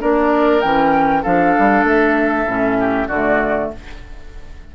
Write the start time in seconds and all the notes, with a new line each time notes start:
0.00 A#3 D4 A#4 D5
0.61 E3 C#4 G5
1.23 F3 D4 A4 F5
1.59 G3
1.84 A3 E5
2.46 A2 C#4
2.80 G4
3.08 D3 A3 F#4 D5